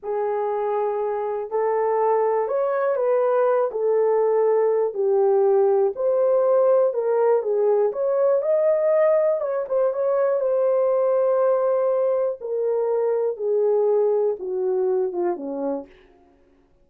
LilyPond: \new Staff \with { instrumentName = "horn" } { \time 4/4 \tempo 4 = 121 gis'2. a'4~ | a'4 cis''4 b'4. a'8~ | a'2 g'2 | c''2 ais'4 gis'4 |
cis''4 dis''2 cis''8 c''8 | cis''4 c''2.~ | c''4 ais'2 gis'4~ | gis'4 fis'4. f'8 cis'4 | }